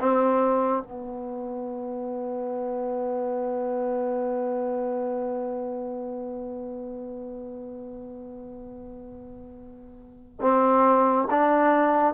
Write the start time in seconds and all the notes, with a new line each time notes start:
0.00 C4
0.83 B3
10.42 C4
11.31 D4